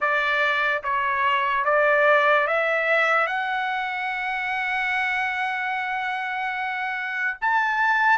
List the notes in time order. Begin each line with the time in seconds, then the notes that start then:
0.00 D5
0.83 C#5
1.64 D5
2.47 E5
3.27 F#5
7.41 A5